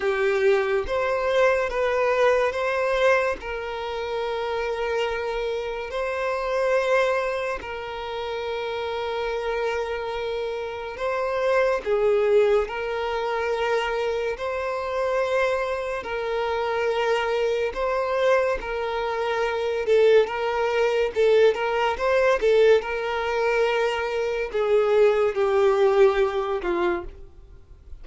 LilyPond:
\new Staff \with { instrumentName = "violin" } { \time 4/4 \tempo 4 = 71 g'4 c''4 b'4 c''4 | ais'2. c''4~ | c''4 ais'2.~ | ais'4 c''4 gis'4 ais'4~ |
ais'4 c''2 ais'4~ | ais'4 c''4 ais'4. a'8 | ais'4 a'8 ais'8 c''8 a'8 ais'4~ | ais'4 gis'4 g'4. f'8 | }